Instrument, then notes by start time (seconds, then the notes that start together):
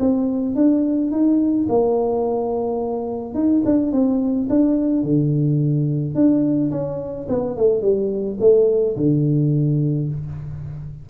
tuba
0.00 C4
0.56 D4
1.11 D#4
1.69 A#3
3.35 D#4
3.66 D4
3.92 C4
4.50 D4
5.03 D3
6.15 D4
6.72 C#4
7.29 B3
7.57 A3
7.82 G3
8.40 A3
8.97 D3